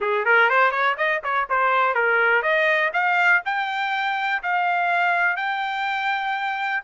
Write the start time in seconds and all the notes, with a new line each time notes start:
0.00 G#4
0.25 A#4
0.49 C5
0.71 C#5
0.97 D#5
1.23 C#5
1.49 C5
1.94 A#4
2.42 D#5
2.93 F5
3.45 G5
4.43 F5
5.36 G5